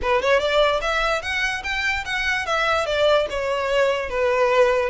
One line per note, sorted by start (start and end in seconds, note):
0.01 0.22 B4
0.22 0.39 C#5
0.39 0.80 D5
0.81 1.22 E5
1.22 1.62 F#5
1.63 2.04 G5
2.05 2.46 F#5
2.46 2.86 E5
2.86 3.27 D5
3.29 4.09 C#5
4.09 4.89 B4